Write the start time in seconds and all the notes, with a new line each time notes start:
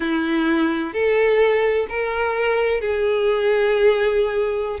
0.00 E4
0.93 A4
1.89 A#4
2.80 G#4